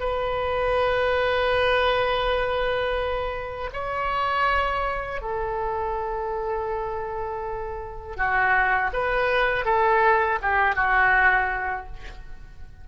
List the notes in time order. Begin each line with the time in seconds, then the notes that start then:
0.00 B4
3.73 C#5
5.22 A4
8.17 F#4
8.93 B4
9.65 A4
10.42 G4
10.75 F#4